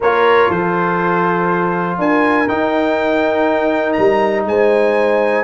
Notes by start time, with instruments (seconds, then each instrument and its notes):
0.00 tuba A#3, trombone F4, horn A#4, trumpet C#5
0.49 tuba F3, horn A4, trumpet C5
1.98 tuba D4, horn A#4, trumpet G#5
2.47 tuba D#4, trombone D#4, trumpet G5
3.92 tuba G3, trumpet A#5
4.45 tuba G#3, horn C5, trumpet G#5